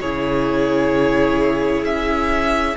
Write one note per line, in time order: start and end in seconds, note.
0.00 1.83 C#3
0.00 2.77 E4
0.00 2.77 G#4
0.00 1.84 C#5
1.83 2.75 C#4
1.83 2.76 E5